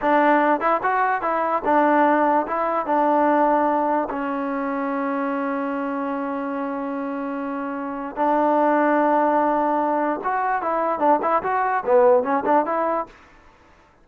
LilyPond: \new Staff \with { instrumentName = "trombone" } { \time 4/4 \tempo 4 = 147 d'4. e'8 fis'4 e'4 | d'2 e'4 d'4~ | d'2 cis'2~ | cis'1~ |
cis'1 | d'1~ | d'4 fis'4 e'4 d'8 e'8 | fis'4 b4 cis'8 d'8 e'4 | }